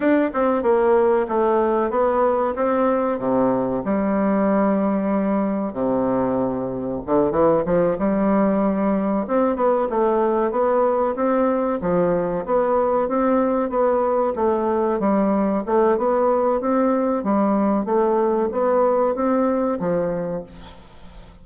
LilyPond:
\new Staff \with { instrumentName = "bassoon" } { \time 4/4 \tempo 4 = 94 d'8 c'8 ais4 a4 b4 | c'4 c4 g2~ | g4 c2 d8 e8 | f8 g2 c'8 b8 a8~ |
a8 b4 c'4 f4 b8~ | b8 c'4 b4 a4 g8~ | g8 a8 b4 c'4 g4 | a4 b4 c'4 f4 | }